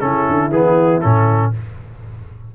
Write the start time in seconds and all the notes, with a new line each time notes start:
0.00 C#3 C#4 E4 A4
0.28 D3
0.50 E3 B3 G#4
1.01 A2 C#4 A4